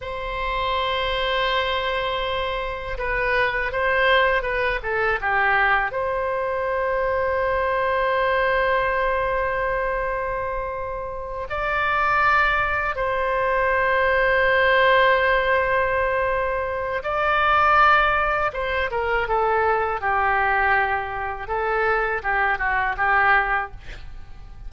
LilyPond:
\new Staff \with { instrumentName = "oboe" } { \time 4/4 \tempo 4 = 81 c''1 | b'4 c''4 b'8 a'8 g'4 | c''1~ | c''2.~ c''8 d''8~ |
d''4. c''2~ c''8~ | c''2. d''4~ | d''4 c''8 ais'8 a'4 g'4~ | g'4 a'4 g'8 fis'8 g'4 | }